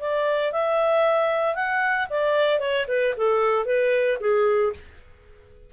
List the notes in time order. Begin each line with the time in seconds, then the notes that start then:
0.00 D5
0.52 E5
1.55 F#5
2.09 D5
2.59 C#5
2.88 B4
3.17 A4
3.65 B4
4.20 G#4